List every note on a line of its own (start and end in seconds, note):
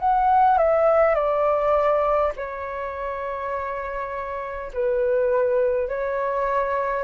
0.00 0.58 F#5
0.58 1.15 E5
1.15 2.33 D5
2.36 4.72 C#5
4.74 5.89 B4
5.89 7.04 C#5